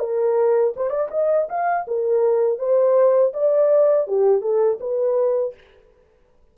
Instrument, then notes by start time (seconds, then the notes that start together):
horn
0.00 A#4
0.77 C5
0.90 D5
1.11 D#5
1.49 F5
1.88 A#4
2.59 C5
3.34 D5
4.08 G4
4.42 A4
4.80 B4